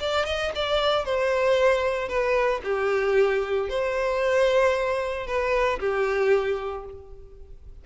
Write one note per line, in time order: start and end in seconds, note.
0.00 0.25 D5
0.25 0.52 D#5
0.55 1.05 D5
1.05 2.08 C5
2.08 2.61 B4
2.64 3.69 G4
3.69 5.27 C5
5.27 5.79 B4
5.79 6.84 G4